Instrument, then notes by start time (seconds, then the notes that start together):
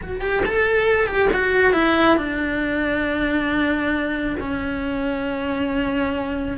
cello
0.02 F#4
0.21 G4
0.45 A4
1.06 G4
1.33 F#4
1.73 E4
2.17 D4
4.40 C#4